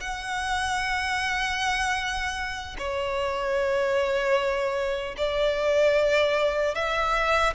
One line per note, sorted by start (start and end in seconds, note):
0.00 2.76 F#5
2.78 5.15 C#5
5.17 6.74 D5
6.74 7.53 E5